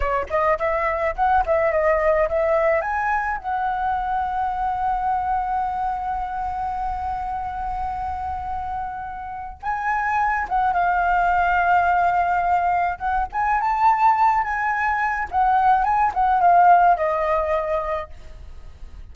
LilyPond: \new Staff \with { instrumentName = "flute" } { \time 4/4 \tempo 4 = 106 cis''8 dis''8 e''4 fis''8 e''8 dis''4 | e''4 gis''4 fis''2~ | fis''1~ | fis''1~ |
fis''4 gis''4. fis''8 f''4~ | f''2. fis''8 gis''8 | a''4. gis''4. fis''4 | gis''8 fis''8 f''4 dis''2 | }